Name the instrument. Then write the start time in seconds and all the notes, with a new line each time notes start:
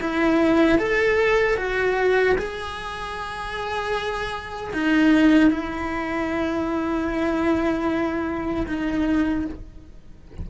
cello
0.00 E4
0.78 A4
1.57 F#4
2.38 G#4
4.73 D#4
5.50 E4
8.66 D#4